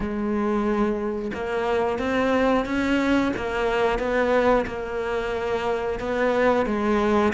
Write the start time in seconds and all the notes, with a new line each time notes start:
0.00 G#3
1.34 A#3
1.98 C4
2.65 C#4
3.36 A#3
3.98 B3
4.66 A#3
5.99 B3
6.65 G#3